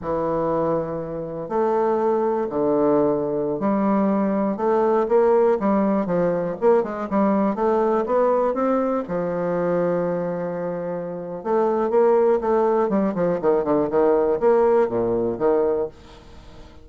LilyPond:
\new Staff \with { instrumentName = "bassoon" } { \time 4/4 \tempo 4 = 121 e2. a4~ | a4 d2~ d16 g8.~ | g4~ g16 a4 ais4 g8.~ | g16 f4 ais8 gis8 g4 a8.~ |
a16 b4 c'4 f4.~ f16~ | f2. a4 | ais4 a4 g8 f8 dis8 d8 | dis4 ais4 ais,4 dis4 | }